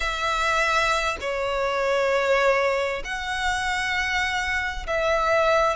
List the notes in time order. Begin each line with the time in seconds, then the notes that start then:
0.00 E5
1.21 C#5
3.04 F#5
4.87 E5